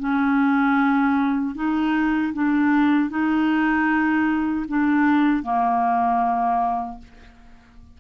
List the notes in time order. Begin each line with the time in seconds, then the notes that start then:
0.00 C#4
1.55 D#4
2.34 D4
3.10 D#4
4.69 D4
5.43 A#3